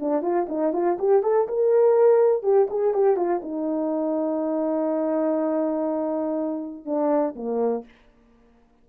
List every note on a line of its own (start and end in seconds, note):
0.00 0.22 D4
0.22 0.47 F4
0.49 0.73 D#4
0.73 0.97 F4
0.99 1.23 G4
1.23 1.48 A4
1.48 2.43 A#4
2.43 2.68 G4
2.70 2.94 G#4
2.94 3.16 G4
3.16 3.41 F4
3.42 6.85 D#4
6.85 7.35 D4
7.36 7.85 A#3